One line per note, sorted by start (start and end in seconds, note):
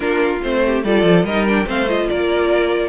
0.00 0.40 A#3
0.00 0.40 D4
0.00 0.60 F4
0.00 0.41 A#4
0.41 0.84 A3
0.41 0.84 C4
0.41 0.83 C5
0.65 0.84 G4
0.84 1.03 G3
0.84 1.27 F4
0.84 1.25 A4
0.84 1.25 D5
1.03 1.24 F3
1.24 1.65 G3
1.24 1.48 D#4
1.24 1.66 A#4
1.24 1.46 D#5
1.47 1.66 D4
1.47 1.68 G5
1.66 2.08 A3
1.66 1.86 C4
1.66 2.08 C5
1.66 1.88 F5
1.88 2.89 F4
1.88 2.09 D#5
2.09 2.89 A#3
2.09 2.89 A#4
2.09 2.89 D5